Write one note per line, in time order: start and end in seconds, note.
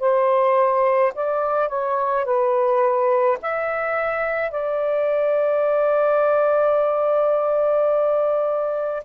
0.00 1.13 C5
1.15 1.69 D5
1.69 2.25 C#5
2.25 3.38 B4
3.42 4.51 E5
4.51 9.04 D5